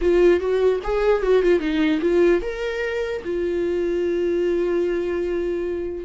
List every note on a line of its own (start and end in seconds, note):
0.01 0.40 F4
0.40 0.80 F#4
0.83 1.22 G#4
1.22 1.42 F#4
1.42 1.59 F4
1.59 2.00 D#4
2.01 2.41 F4
2.41 3.22 A#4
3.24 6.05 F4